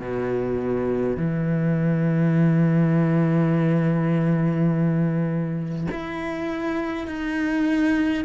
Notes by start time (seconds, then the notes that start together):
0.00 B2
1.17 E3
5.92 E4
7.07 D#4